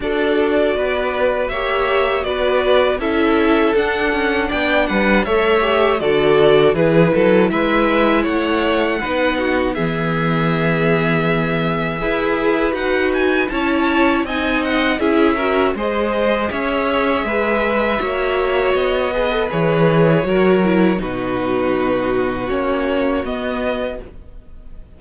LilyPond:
<<
  \new Staff \with { instrumentName = "violin" } { \time 4/4 \tempo 4 = 80 d''2 e''4 d''4 | e''4 fis''4 g''8 fis''8 e''4 | d''4 b'4 e''4 fis''4~ | fis''4 e''2.~ |
e''4 fis''8 gis''8 a''4 gis''8 fis''8 | e''4 dis''4 e''2~ | e''4 dis''4 cis''2 | b'2 cis''4 dis''4 | }
  \new Staff \with { instrumentName = "violin" } { \time 4/4 a'4 b'4 cis''4 b'4 | a'2 d''8 b'8 cis''4 | a'4 gis'8 a'8 b'4 cis''4 | b'8 fis'8 gis'2. |
b'2 cis''4 dis''4 | gis'8 ais'8 c''4 cis''4 b'4 | cis''4. b'4. ais'4 | fis'1 | }
  \new Staff \with { instrumentName = "viola" } { \time 4/4 fis'2 g'4 fis'4 | e'4 d'2 a'8 g'8 | fis'4 e'2. | dis'4 b2. |
gis'4 fis'4 e'4 dis'4 | e'8 fis'8 gis'2. | fis'4. gis'16 a'16 gis'4 fis'8 e'8 | dis'2 cis'4 b4 | }
  \new Staff \with { instrumentName = "cello" } { \time 4/4 d'4 b4 ais4 b4 | cis'4 d'8 cis'8 b8 g8 a4 | d4 e8 fis8 gis4 a4 | b4 e2. |
e'4 dis'4 cis'4 c'4 | cis'4 gis4 cis'4 gis4 | ais4 b4 e4 fis4 | b,2 ais4 b4 | }
>>